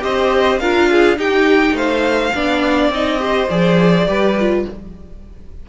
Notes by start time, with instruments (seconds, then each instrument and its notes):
0.00 cello C4, viola G4, violin C5 D#5
0.59 cello D4, viola F4, violin A#4 F5
0.91 violin G#4
1.16 viola D#4, cello D#4, violin G4 G5
1.72 cello A3, violin C5 F5
2.34 cello B3, viola D4, violin D5
2.89 cello C4, viola D#4, violin D#5
3.18 viola G4, violin C5
3.50 cello F3, viola G#4, violin D5
4.07 cello G3, viola G4, violin B4
4.39 viola F4